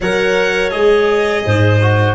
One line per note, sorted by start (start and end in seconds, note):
0.00 0.72 F#3
0.00 0.71 A#4
0.00 1.45 C#5
0.00 0.70 F#5
0.70 1.45 G#3
0.70 1.79 G#4
0.70 2.14 D#5
1.45 2.14 G#2
1.45 2.14 C5
1.81 2.14 F#4